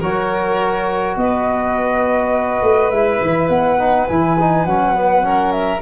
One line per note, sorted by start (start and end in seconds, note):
0.00 1.17 F#3
0.00 2.93 F#4
0.00 1.17 A#4
0.00 1.17 C#5
1.17 2.62 B3
1.17 5.25 B4
1.17 2.90 D#5
2.62 2.91 A3
2.90 3.20 G#3
2.90 3.79 E4
2.90 3.49 E5
3.21 3.49 E3
3.49 4.08 B3
3.49 4.08 F#5
3.79 4.08 D#4
4.08 4.66 E3
4.08 4.38 E4
4.08 4.66 G#5
4.40 4.68 D#4
4.66 5.82 F#3
4.66 4.95 C#4
4.66 5.52 F#5
4.95 5.22 B3
5.22 5.81 C#4
5.22 5.82 A#4
5.52 5.82 E5